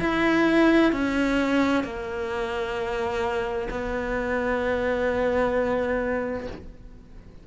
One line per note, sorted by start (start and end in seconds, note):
0.00 0.92 E4
0.92 1.84 C#4
1.84 3.68 A#3
3.70 6.47 B3